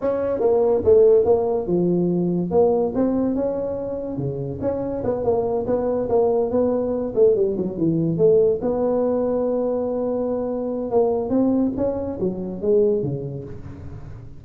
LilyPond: \new Staff \with { instrumentName = "tuba" } { \time 4/4 \tempo 4 = 143 cis'4 ais4 a4 ais4 | f2 ais4 c'4 | cis'2 cis4 cis'4 | b8 ais4 b4 ais4 b8~ |
b4 a8 g8 fis8 e4 a8~ | a8 b2.~ b8~ | b2 ais4 c'4 | cis'4 fis4 gis4 cis4 | }